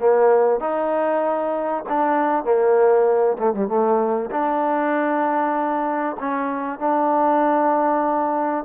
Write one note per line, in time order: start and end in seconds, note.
0.00 0.60 A#3
0.60 1.84 D#4
1.89 2.45 D4
2.45 3.37 A#3
3.39 3.53 A3
3.53 3.68 G3
3.68 4.30 A3
4.31 6.16 D4
6.20 6.79 C#4
6.79 8.65 D4